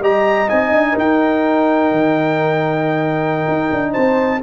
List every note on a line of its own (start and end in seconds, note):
0.00 0.48 G3
0.00 0.49 G4
0.00 0.93 D#5
0.00 0.50 A#5
0.49 0.72 C4
0.49 4.42 D#4
0.49 0.97 G#5
0.72 0.96 D4
0.93 1.92 D#4
0.93 3.91 A#4
0.93 3.94 G5
1.92 3.47 D#3
3.48 3.72 D#4
3.72 3.96 D4
3.92 4.43 C4
3.92 4.40 C5
3.92 4.41 A5